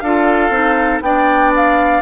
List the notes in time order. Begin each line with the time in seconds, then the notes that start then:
0.00 D4 F4 A4 F5
0.50 C4 D#4
1.01 B3 D4 D5 G5
1.56 F5